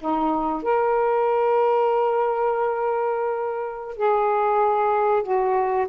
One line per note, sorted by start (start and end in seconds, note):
0.00 0.63 D#4
0.63 3.97 A#4
3.97 5.23 G#4
5.23 5.87 F#4